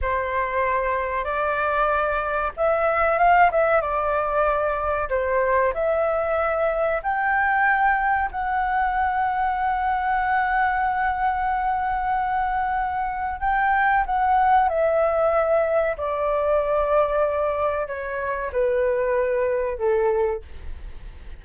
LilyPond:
\new Staff \with { instrumentName = "flute" } { \time 4/4 \tempo 4 = 94 c''2 d''2 | e''4 f''8 e''8 d''2 | c''4 e''2 g''4~ | g''4 fis''2.~ |
fis''1~ | fis''4 g''4 fis''4 e''4~ | e''4 d''2. | cis''4 b'2 a'4 | }